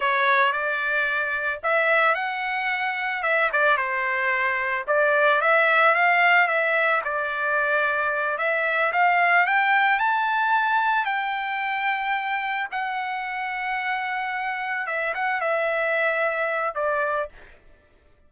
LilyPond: \new Staff \with { instrumentName = "trumpet" } { \time 4/4 \tempo 4 = 111 cis''4 d''2 e''4 | fis''2 e''8 d''8 c''4~ | c''4 d''4 e''4 f''4 | e''4 d''2~ d''8 e''8~ |
e''8 f''4 g''4 a''4.~ | a''8 g''2. fis''8~ | fis''2.~ fis''8 e''8 | fis''8 e''2~ e''8 d''4 | }